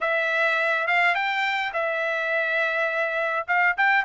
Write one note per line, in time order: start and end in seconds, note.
0.00 0.87 E5
0.87 1.14 F5
1.14 1.72 G5
1.73 3.46 E5
3.47 3.76 F5
3.77 4.04 G5